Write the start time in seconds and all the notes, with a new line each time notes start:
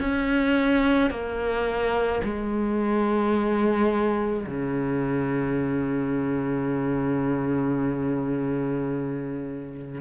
0.00 C#4
1.11 A#3
2.24 G#3
4.46 C#3